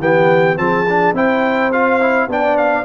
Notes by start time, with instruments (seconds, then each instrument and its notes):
0.00 tuba E3, trombone B3, horn G4, trumpet G5
0.57 tuba F3, trombone C4, horn G#4, trumpet A5
0.89 trombone D4
1.14 tuba C4, trombone E4, horn C5, trumpet G5
1.72 trombone F4, trumpet F5
2.01 trombone E4
2.28 tuba B3, trombone D4, horn D5, trumpet G5
2.58 trumpet F5